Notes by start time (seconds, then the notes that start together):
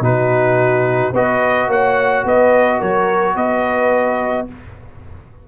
0.00 B2 D#4 F#4 B4
1.12 B3 F#4 B4 D#5
1.68 A#3 C#5 F#5
2.25 B3 B4 D#5
2.79 F#3 A#4 C#5
3.35 B3 B4 D#5